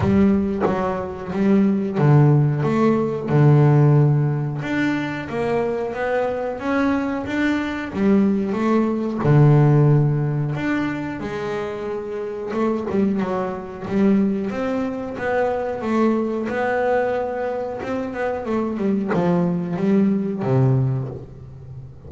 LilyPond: \new Staff \with { instrumentName = "double bass" } { \time 4/4 \tempo 4 = 91 g4 fis4 g4 d4 | a4 d2 d'4 | ais4 b4 cis'4 d'4 | g4 a4 d2 |
d'4 gis2 a8 g8 | fis4 g4 c'4 b4 | a4 b2 c'8 b8 | a8 g8 f4 g4 c4 | }